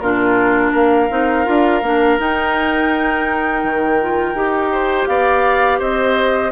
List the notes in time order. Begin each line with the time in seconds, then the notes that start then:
0.00 A#2 D4 F4 A#4
0.72 A#3 A#4 F5
1.10 C4 D#4
1.45 D4 F4
1.82 A#3 D4
2.18 D#4 G5
3.63 D#3
4.01 F4
4.34 D#4 G4
4.72 C5
5.07 B3 D5 F5
5.79 C4 C5 D#5